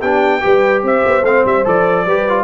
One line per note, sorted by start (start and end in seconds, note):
0.00 0.43 B3
0.00 0.41 D4
0.00 0.41 G4
0.00 0.83 G5
0.41 0.83 G3
0.41 1.23 G4
0.41 0.83 B4
0.83 1.03 C4
0.83 2.05 C5
0.83 1.24 E5
1.06 1.22 B3
1.22 1.43 A3
1.22 1.64 C4
1.22 1.45 F5
1.44 1.65 G3
1.44 1.67 E5
1.64 2.06 F3
1.64 2.05 A4
1.64 2.44 D5
2.05 2.44 G3
2.05 2.29 G4
2.05 2.44 B4
2.29 2.44 F4